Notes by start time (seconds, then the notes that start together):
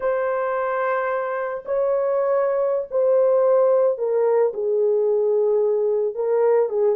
0.00 C5
1.65 C#5
2.91 C5
3.97 A#4
4.53 G#4
6.15 A#4
6.69 G#4